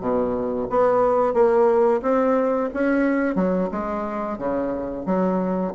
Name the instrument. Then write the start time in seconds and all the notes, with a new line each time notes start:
bassoon
0.00 B2
0.69 B3
1.33 A#3
2.02 C4
2.73 C#4
3.35 F#3
3.71 G#3
4.38 C#3
5.05 F#3